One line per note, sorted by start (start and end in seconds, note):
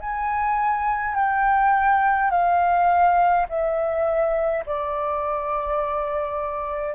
0.00 1.15 G#5
1.15 2.30 G5
2.31 3.46 F5
3.49 4.64 E5
4.66 6.94 D5